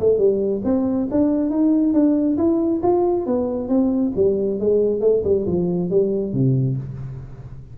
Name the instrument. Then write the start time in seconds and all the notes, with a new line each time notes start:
tuba
0.00 A3
0.18 G3
0.64 C4
1.11 D4
1.50 D#4
1.93 D4
2.37 E4
2.83 F4
3.26 B3
3.69 C4
4.16 G3
4.60 G#3
5.01 A3
5.24 G3
5.47 F3
5.90 G3
6.33 C3